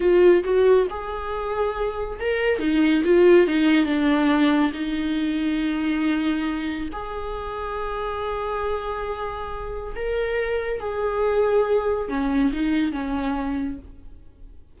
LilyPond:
\new Staff \with { instrumentName = "viola" } { \time 4/4 \tempo 4 = 139 f'4 fis'4 gis'2~ | gis'4 ais'4 dis'4 f'4 | dis'4 d'2 dis'4~ | dis'1 |
gis'1~ | gis'2. ais'4~ | ais'4 gis'2. | cis'4 dis'4 cis'2 | }